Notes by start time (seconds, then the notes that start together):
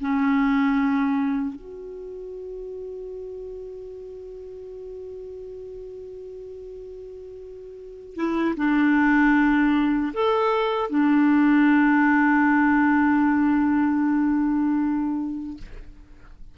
0.00 C#4
1.55 F#4
8.15 E4
8.56 D4
10.13 A4
10.89 D4